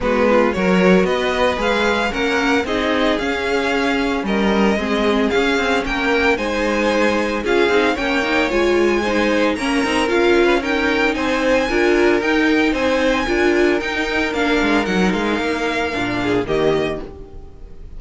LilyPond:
<<
  \new Staff \with { instrumentName = "violin" } { \time 4/4 \tempo 4 = 113 b'4 cis''4 dis''4 f''4 | fis''4 dis''4 f''2 | dis''2 f''4 g''4 | gis''2 f''4 g''4 |
gis''2 ais''4 f''4 | g''4 gis''2 g''4 | gis''2 g''4 f''4 | fis''8 f''2~ f''8 dis''4 | }
  \new Staff \with { instrumentName = "violin" } { \time 4/4 fis'8 f'8 ais'4 b'2 | ais'4 gis'2. | ais'4 gis'2 ais'4 | c''2 gis'4 cis''4~ |
cis''4 c''4 ais'4.~ ais'16 b'16 | ais'4 c''4 ais'2 | c''4 ais'2.~ | ais'2~ ais'8 gis'8 g'4 | }
  \new Staff \with { instrumentName = "viola" } { \time 4/4 b4 fis'2 gis'4 | cis'4 dis'4 cis'2~ | cis'4 c'4 cis'2 | dis'2 f'8 dis'8 cis'8 dis'8 |
f'4 dis'4 cis'8 dis'8 f'4 | dis'2 f'4 dis'4~ | dis'4 f'4 dis'4 d'4 | dis'2 d'4 ais4 | }
  \new Staff \with { instrumentName = "cello" } { \time 4/4 gis4 fis4 b4 gis4 | ais4 c'4 cis'2 | g4 gis4 cis'8 c'8 ais4 | gis2 cis'8 c'8 ais4 |
gis2 ais8 c'8 cis'4~ | cis'4 c'4 d'4 dis'4 | c'4 d'4 dis'4 ais8 gis8 | fis8 gis8 ais4 ais,4 dis4 | }
>>